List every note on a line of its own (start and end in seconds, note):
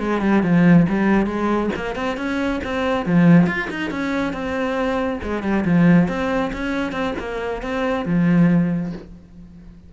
0.00 0.22 G#3
0.22 0.43 G3
0.43 0.87 F3
0.89 1.27 G3
1.27 1.70 G#3
1.76 1.96 A#3
1.96 2.17 C4
2.17 2.61 C#4
2.64 3.06 C4
3.06 3.47 F3
3.47 3.69 F4
3.71 3.91 D#4
3.91 4.33 C#4
4.33 5.20 C4
5.24 5.43 G#3
5.43 5.65 G3
5.66 6.08 F3
6.08 6.52 C4
6.54 6.93 C#4
6.93 7.14 C4
7.19 7.63 A#3
7.63 8.06 C4
8.06 8.93 F3